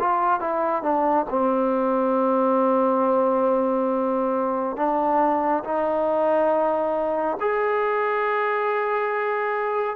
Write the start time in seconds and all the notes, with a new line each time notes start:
0.00 F4
0.40 E4
0.83 D4
1.30 C4
4.76 D4
5.64 D#4
7.40 G#4